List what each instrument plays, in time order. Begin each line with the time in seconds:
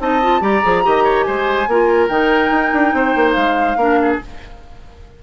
0.00 bassoon C4, clarinet D#4, oboe D#5, flute A5
0.22 clarinet F4
0.41 bassoon G3, clarinet G4, oboe D5, flute A#5
0.63 bassoon F3, clarinet G#4
0.83 bassoon D#3, clarinet G4, oboe D#5
1.04 oboe C#5
1.23 bassoon G#3, oboe C5, flute G#5
1.67 bassoon A#3, clarinet F4, oboe A#4
2.09 bassoon D#3, clarinet D#4, flute G5
2.51 bassoon D#4
2.73 bassoon D4
2.94 bassoon C4, oboe C5
3.16 bassoon A#3
3.33 bassoon G#3, flute F5
3.76 bassoon A#3, clarinet D4, oboe A#4
4.02 oboe G#4